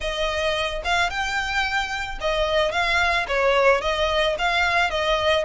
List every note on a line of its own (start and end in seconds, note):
0.00 0.82 D#5
0.84 1.09 F5
1.09 2.18 G5
2.20 2.71 D#5
2.71 3.26 F5
3.28 3.81 C#5
3.81 4.35 D#5
4.38 4.90 F5
4.90 5.44 D#5